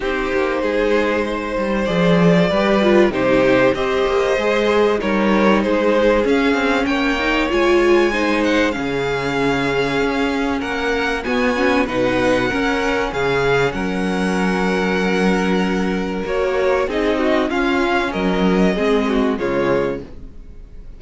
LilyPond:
<<
  \new Staff \with { instrumentName = "violin" } { \time 4/4 \tempo 4 = 96 c''2. d''4~ | d''4 c''4 dis''2 | cis''4 c''4 f''4 g''4 | gis''4. fis''8 f''2~ |
f''4 fis''4 gis''4 fis''4~ | fis''4 f''4 fis''2~ | fis''2 cis''4 dis''4 | f''4 dis''2 cis''4 | }
  \new Staff \with { instrumentName = "violin" } { \time 4/4 g'4 gis'4 c''2 | b'4 g'4 c''2 | ais'4 gis'2 cis''4~ | cis''4 c''4 gis'2~ |
gis'4 ais'4 fis'4 b'4 | ais'4 gis'4 ais'2~ | ais'2. gis'8 fis'8 | f'4 ais'4 gis'8 fis'8 f'4 | }
  \new Staff \with { instrumentName = "viola" } { \time 4/4 dis'2. gis'4 | g'8 f'8 dis'4 g'4 gis'4 | dis'2 cis'4. dis'8 | f'4 dis'4 cis'2~ |
cis'2 b8 cis'8 dis'4 | cis'1~ | cis'2 fis'4 dis'4 | cis'2 c'4 gis4 | }
  \new Staff \with { instrumentName = "cello" } { \time 4/4 c'8 ais8 gis4. g8 f4 | g4 c4 c'8 ais8 gis4 | g4 gis4 cis'8 c'8 ais4 | gis2 cis2 |
cis'4 ais4 b4 b,4 | cis'4 cis4 fis2~ | fis2 ais4 c'4 | cis'4 fis4 gis4 cis4 | }
>>